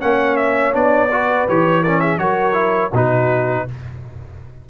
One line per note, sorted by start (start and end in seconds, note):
0.00 0.74 A#3
0.00 0.72 C#4
0.00 1.11 C#5
0.00 0.36 F#5
0.36 0.72 E5
0.72 1.47 B3
0.72 1.09 D4
0.72 1.48 D5
1.11 1.47 F#4
1.11 1.82 B4
1.48 2.18 E3
1.48 1.85 G4
1.48 1.83 C#5
1.82 2.18 C#4
1.82 2.00 A#4
1.82 2.00 D5
2.00 2.19 G#4
2.00 2.18 E5
2.18 2.91 F#3
2.18 2.53 F#4
2.18 2.91 A#4
2.18 2.91 C#5
2.53 2.89 E4
2.91 3.65 B2
2.91 3.68 D#4
2.91 3.64 F#4
2.91 3.69 B4